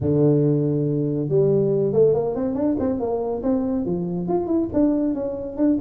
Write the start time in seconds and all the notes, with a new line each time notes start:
0.01 D3
1.28 G3
1.92 A3
2.14 A#3
2.35 C4
2.54 D4
2.79 C4
2.99 A#3
3.42 C4
3.85 F3
4.28 F4
4.46 E4
4.73 D4
5.14 C#4
5.56 D4